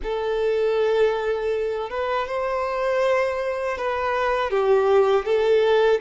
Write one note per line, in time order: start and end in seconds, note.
0.03 1.90 A4
1.90 2.27 B4
2.27 3.77 C5
3.77 4.50 B4
4.50 5.25 G4
5.25 6.00 A4